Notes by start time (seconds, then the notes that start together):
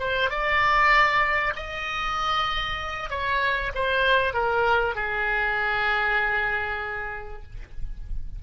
0.00 C5
0.31 D5
1.56 D#5
3.10 C#5
3.75 C5
4.34 A#4
4.96 G#4